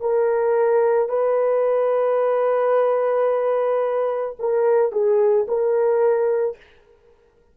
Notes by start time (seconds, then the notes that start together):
0.00 A#4
1.09 B4
4.39 A#4
4.91 G#4
5.47 A#4